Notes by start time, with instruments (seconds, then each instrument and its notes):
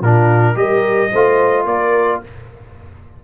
0.00 tuba A#2, trombone D4, horn F4, trumpet A#4
0.55 tuba G3, trombone G4, horn A#4, trumpet D#5
1.11 tuba A3, trombone F4, horn C5
1.65 tuba A#3, horn A#4, trumpet D5